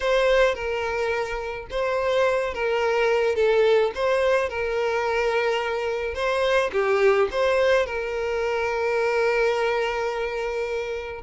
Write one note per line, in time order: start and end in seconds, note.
0.00 0.55 C5
0.55 1.67 A#4
1.70 2.54 C5
2.54 3.35 A#4
3.35 3.91 A4
3.94 4.49 C5
4.49 6.14 A#4
6.14 6.70 C5
6.72 7.28 G4
7.31 7.86 C5
7.86 11.22 A#4